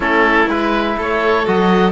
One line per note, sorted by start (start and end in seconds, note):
0.00 0.47 A3
0.00 0.47 C#4
0.00 0.94 E4
0.00 0.49 A4
0.48 0.96 G#3
0.48 1.46 E4
0.48 0.97 B4
0.97 1.46 A3
0.97 1.91 A4
0.97 1.47 C#5
1.46 1.91 F#3
1.46 1.91 F#4
1.46 1.91 D#5